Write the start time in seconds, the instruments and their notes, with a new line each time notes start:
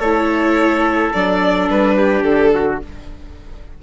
0.00 bassoon A3, viola E4, trumpet A4, violin C#5
1.13 bassoon F#3, viola D4, violin D5
1.70 bassoon G3, violin B4
1.97 trumpet G4
2.23 bassoon D3, violin A4
2.55 trumpet F#4